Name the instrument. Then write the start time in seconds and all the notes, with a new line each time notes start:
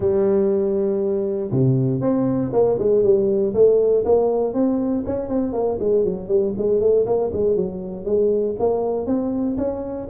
tuba
0.00 G3
1.51 C3
2.00 C4
2.53 A#3
2.78 G#3
3.03 G3
3.53 A3
4.05 A#3
4.53 C4
5.06 C#4
5.28 C4
5.53 A#3
5.79 G#3
6.04 F#3
6.28 G3
6.57 G#3
6.80 A3
7.06 A#3
7.32 G#3
7.56 F#3
8.05 G#3
8.59 A#3
9.06 C4
9.57 C#4